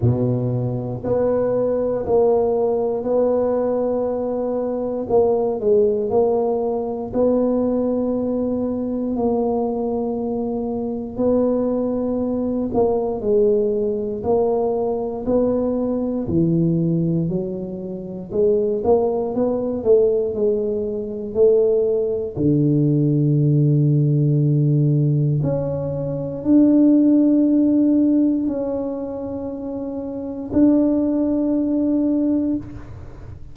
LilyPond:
\new Staff \with { instrumentName = "tuba" } { \time 4/4 \tempo 4 = 59 b,4 b4 ais4 b4~ | b4 ais8 gis8 ais4 b4~ | b4 ais2 b4~ | b8 ais8 gis4 ais4 b4 |
e4 fis4 gis8 ais8 b8 a8 | gis4 a4 d2~ | d4 cis'4 d'2 | cis'2 d'2 | }